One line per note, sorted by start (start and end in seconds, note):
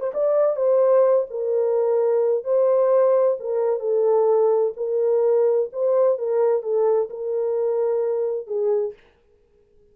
0.00 0.12 C5
0.14 0.56 D5
0.56 1.26 C5
1.30 2.44 A#4
2.44 3.37 C5
3.40 3.79 A#4
3.79 4.73 A4
4.77 5.70 A#4
5.72 6.18 C5
6.18 6.62 A#4
6.62 7.09 A4
7.10 8.47 A#4
8.47 8.93 G#4